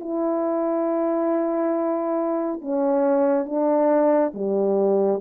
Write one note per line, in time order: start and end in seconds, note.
0.00 2.61 E4
2.61 3.45 C#4
3.45 4.32 D4
4.34 5.21 G3